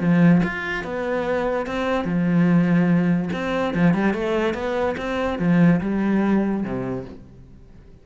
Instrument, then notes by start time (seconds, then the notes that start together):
cello
0.00 F3
0.43 F4
0.84 B3
1.66 C4
2.05 F3
3.33 C4
3.74 F3
3.94 G3
4.14 A3
4.54 B3
4.97 C4
5.39 F3
5.81 G3
6.63 C3